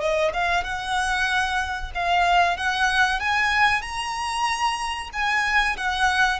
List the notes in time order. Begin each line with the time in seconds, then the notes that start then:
0.00 D#5
0.33 F5
0.64 F#5
1.94 F5
2.57 F#5
3.20 G#5
3.82 A#5
5.13 G#5
5.77 F#5